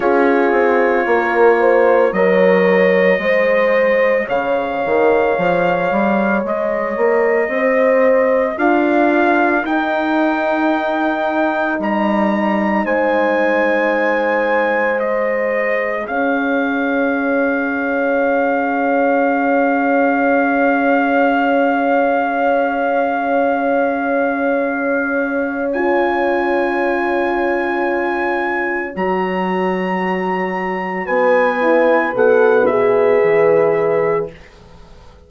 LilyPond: <<
  \new Staff \with { instrumentName = "trumpet" } { \time 4/4 \tempo 4 = 56 cis''2 dis''2 | f''2 dis''2 | f''4 g''2 ais''4 | gis''2 dis''4 f''4~ |
f''1~ | f''1 | gis''2. ais''4~ | ais''4 gis''4 fis''8 e''4. | }
  \new Staff \with { instrumentName = "horn" } { \time 4/4 gis'4 ais'8 c''8 cis''4 c''4 | cis''2. c''4 | ais'1 | c''2. cis''4~ |
cis''1~ | cis''1~ | cis''1~ | cis''4 b'2. | }
  \new Staff \with { instrumentName = "horn" } { \time 4/4 f'2 ais'4 gis'4~ | gis'1 | f'4 dis'2.~ | dis'2 gis'2~ |
gis'1~ | gis'1 | f'2. fis'4~ | fis'4. e'8 a'8 gis'4. | }
  \new Staff \with { instrumentName = "bassoon" } { \time 4/4 cis'8 c'8 ais4 fis4 gis4 | cis8 dis8 f8 g8 gis8 ais8 c'4 | d'4 dis'2 g4 | gis2. cis'4~ |
cis'1~ | cis'1~ | cis'2. fis4~ | fis4 b4 b,4 e4 | }
>>